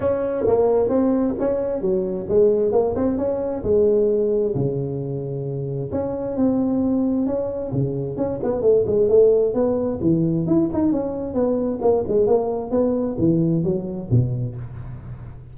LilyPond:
\new Staff \with { instrumentName = "tuba" } { \time 4/4 \tempo 4 = 132 cis'4 ais4 c'4 cis'4 | fis4 gis4 ais8 c'8 cis'4 | gis2 cis2~ | cis4 cis'4 c'2 |
cis'4 cis4 cis'8 b8 a8 gis8 | a4 b4 e4 e'8 dis'8 | cis'4 b4 ais8 gis8 ais4 | b4 e4 fis4 b,4 | }